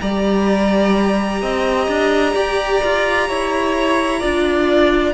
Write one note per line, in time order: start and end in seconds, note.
0.00 1.42 G3
0.00 4.20 G4
0.00 1.42 D5
0.00 5.14 A#5
1.42 1.87 C4
1.42 2.34 D#5
1.87 2.34 D4
2.34 2.82 G4
2.34 3.28 D5
2.84 3.29 F4
3.28 4.22 E4
3.28 4.19 C#5
4.19 5.14 D4
4.19 5.13 F4
4.19 5.13 D5